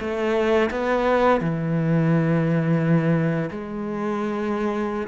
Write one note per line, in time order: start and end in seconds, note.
0.00 0.70 A3
0.71 1.40 B3
1.40 3.50 E3
3.50 5.07 G#3